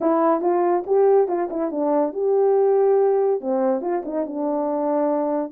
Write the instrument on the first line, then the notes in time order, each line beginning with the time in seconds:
horn
0.00 E4
0.41 F4
0.86 G4
1.28 F4
1.50 E4
1.71 D4
2.13 G4
3.40 C4
3.81 F4
4.05 D#4
4.26 D4